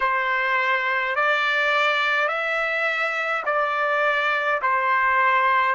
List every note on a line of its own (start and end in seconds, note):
0.00 1.15 C5
1.15 2.28 D5
2.28 3.43 E5
3.45 4.60 D5
4.62 5.75 C5